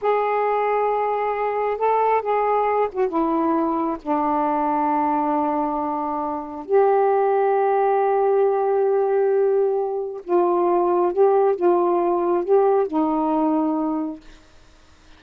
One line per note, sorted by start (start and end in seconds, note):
0.01 1.77 G#4
1.77 2.21 A4
2.21 2.88 G#4
2.91 3.08 F#4
3.08 3.97 E4
4.01 6.65 D4
6.65 10.21 G4
10.24 11.12 F4
11.12 11.55 G4
11.55 12.44 F4
12.44 12.87 G4
12.87 14.20 D#4